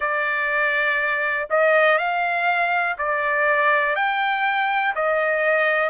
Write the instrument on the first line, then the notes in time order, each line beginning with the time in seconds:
trumpet
0.00 D5
1.50 D#5
1.98 F5
2.98 D5
3.95 G5
4.95 D#5